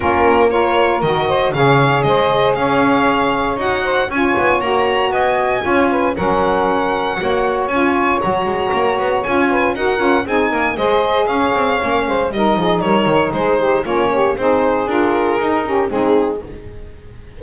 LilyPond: <<
  \new Staff \with { instrumentName = "violin" } { \time 4/4 \tempo 4 = 117 ais'4 cis''4 dis''4 f''4 | dis''4 f''2 fis''4 | gis''4 ais''4 gis''2 | fis''2. gis''4 |
ais''2 gis''4 fis''4 | gis''4 dis''4 f''2 | dis''4 cis''4 c''4 cis''4 | c''4 ais'2 gis'4 | }
  \new Staff \with { instrumentName = "saxophone" } { \time 4/4 f'4 ais'4. c''8 cis''4 | c''4 cis''2~ cis''8 c''8 | cis''2 dis''4 cis''8 b'8 | ais'2 cis''2~ |
cis''2~ cis''8 b'8 ais'4 | gis'8 ais'8 c''4 cis''4. c''8 | ais'8 gis'8 ais'4 gis'8 g'8 f'8 g'8 | gis'2~ gis'8 g'8 dis'4 | }
  \new Staff \with { instrumentName = "saxophone" } { \time 4/4 cis'4 f'4 fis'4 gis'4~ | gis'2. fis'4 | f'4 fis'2 f'4 | cis'2 fis'4 f'4 |
fis'2 f'4 fis'8 f'8 | dis'4 gis'2 cis'4 | dis'2. cis'4 | dis'4 f'4 dis'8 cis'8 c'4 | }
  \new Staff \with { instrumentName = "double bass" } { \time 4/4 ais2 dis4 cis4 | gis4 cis'2 dis'4 | cis'8 b8 ais4 b4 cis'4 | fis2 ais4 cis'4 |
fis8 gis8 ais8 b8 cis'4 dis'8 cis'8 | c'8 ais8 gis4 cis'8 c'8 ais8 gis8 | g8 f8 g8 dis8 gis4 ais4 | c'4 d'4 dis'4 gis4 | }
>>